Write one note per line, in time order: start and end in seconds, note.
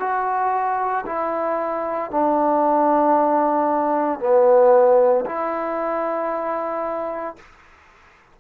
0.00 1.05 F#4
1.07 2.11 E4
2.11 4.20 D4
4.20 5.25 B3
5.26 7.36 E4